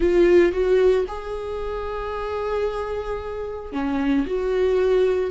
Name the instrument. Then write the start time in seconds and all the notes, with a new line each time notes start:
viola
0.00 F4
0.52 F#4
1.08 G#4
3.72 C#4
4.26 F#4